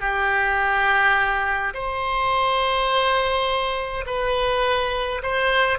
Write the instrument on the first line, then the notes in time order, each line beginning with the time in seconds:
oboe
0.00 G4
1.74 C5
4.06 B4
5.22 C5